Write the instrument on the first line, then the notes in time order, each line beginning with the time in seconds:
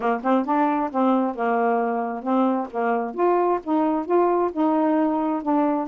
saxophone
0.00 A#3
0.23 C4
0.45 D4
0.91 C4
1.35 A#3
2.22 C4
2.70 A#3
3.14 F4
3.63 D#4
4.05 F4
4.52 D#4
5.42 D4